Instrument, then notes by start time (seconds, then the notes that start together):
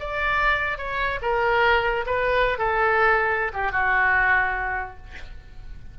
oboe
0.00 D5
0.78 C#5
1.22 A#4
2.06 B4
2.58 A4
3.54 G4
3.72 F#4